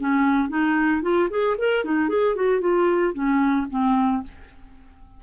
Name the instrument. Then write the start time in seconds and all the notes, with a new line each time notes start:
clarinet
0.00 C#4
0.49 D#4
1.03 F4
1.30 G#4
1.58 A#4
1.85 D#4
2.09 G#4
2.36 F#4
2.61 F4
3.14 C#4
3.70 C4